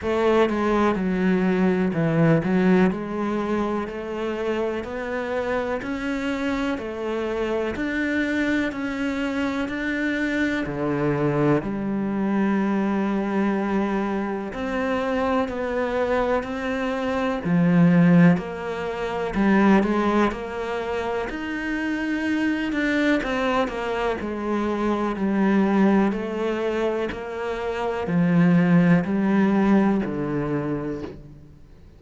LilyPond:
\new Staff \with { instrumentName = "cello" } { \time 4/4 \tempo 4 = 62 a8 gis8 fis4 e8 fis8 gis4 | a4 b4 cis'4 a4 | d'4 cis'4 d'4 d4 | g2. c'4 |
b4 c'4 f4 ais4 | g8 gis8 ais4 dis'4. d'8 | c'8 ais8 gis4 g4 a4 | ais4 f4 g4 d4 | }